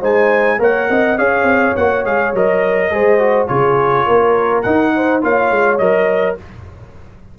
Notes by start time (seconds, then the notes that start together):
0.00 G#3 D#4 C5 G#5
0.58 A#3 A#4 C#5 F#5
0.89 C4 D#5
1.17 C#4 G#4 C#5 F5
1.43 C4
1.76 A#3 F#4 F#5
2.04 G#3 G#4 F5
2.33 F#3 A#4 D#5
2.91 G#3 G#4 C5
3.19 F#4
3.47 C#3 F4 G#4 C#5
4.05 A#3 A#4
4.62 D#4 F#5
4.95 C5
5.21 A#3 F4 C#5 F5
5.50 G#3
5.78 F#3 A#4 D#5